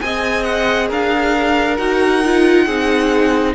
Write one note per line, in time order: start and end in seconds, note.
0.00 0.91 C4
0.00 1.76 G#4
0.00 0.88 D#5
0.00 0.44 G#5
0.44 0.88 F#5
0.88 1.78 D4
0.88 2.64 A#4
0.88 1.77 F5
1.77 2.67 D#4
1.77 2.22 F#4
1.77 3.53 F#5
2.25 2.69 F4
2.66 3.55 C4
2.66 3.55 D#4
2.66 3.54 G#4